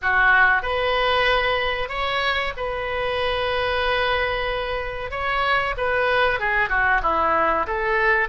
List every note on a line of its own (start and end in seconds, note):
0.02 0.62 F#4
0.62 1.89 B4
1.89 2.52 C#5
2.56 5.10 B4
5.10 5.74 C#5
5.77 6.39 B4
6.39 6.69 G#4
6.69 7.01 F#4
7.02 7.66 E4
7.67 8.28 A4